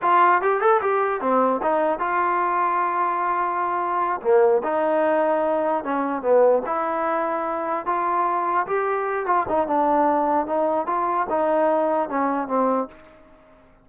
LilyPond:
\new Staff \with { instrumentName = "trombone" } { \time 4/4 \tempo 4 = 149 f'4 g'8 a'8 g'4 c'4 | dis'4 f'2.~ | f'2~ f'8 ais4 dis'8~ | dis'2~ dis'8 cis'4 b8~ |
b8 e'2. f'8~ | f'4. g'4. f'8 dis'8 | d'2 dis'4 f'4 | dis'2 cis'4 c'4 | }